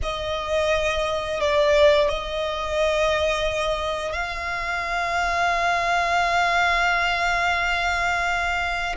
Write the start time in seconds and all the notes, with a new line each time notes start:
0.02 D#5
1.40 D5
2.08 D#5
4.13 F5